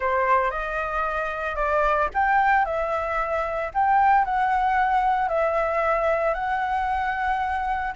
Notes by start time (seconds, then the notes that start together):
0.00 C5
0.50 D#5
1.55 D5
2.14 G5
2.65 E5
3.74 G5
4.25 F#5
5.28 E5
6.34 F#5